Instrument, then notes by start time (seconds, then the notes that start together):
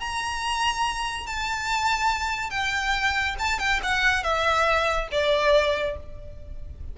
violin
0.00 A#5
1.27 A5
2.51 G5
3.39 A5
3.59 G5
3.83 F#5
4.23 E5
5.12 D5